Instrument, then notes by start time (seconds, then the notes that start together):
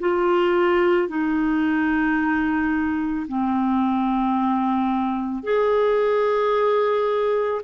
clarinet
0.00 F4
1.09 D#4
3.28 C4
5.43 G#4